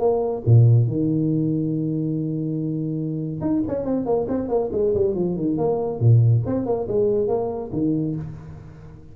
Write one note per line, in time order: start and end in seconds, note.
0.00 0.43 A#3
0.46 0.88 A#2
0.88 3.41 D#3
3.41 3.63 D#4
3.68 3.85 C#4
3.85 4.06 C4
4.06 4.28 A#3
4.29 4.49 C4
4.49 4.70 A#3
4.73 4.94 G#3
4.95 5.15 G3
5.15 5.36 F3
5.36 5.58 D#3
5.58 6.00 A#3
6.00 6.43 A#2
6.46 6.66 C4
6.66 6.88 A#3
6.88 7.28 G#3
7.28 7.71 A#3
7.73 8.16 D#3